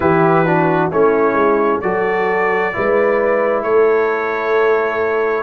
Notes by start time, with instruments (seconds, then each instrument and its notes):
0.00 tuba E3, trombone E4, horn G4, trumpet B4
0.45 trombone D4, horn F#4
0.90 tuba A3, trombone C#4, horn E4, trumpet C#5
1.33 tuba G#3
1.80 tuba F#3, trombone F#4, horn A4, trumpet D5
2.72 tuba G#3, trombone E4, horn B4
3.62 tuba A3, horn A4, trumpet C#5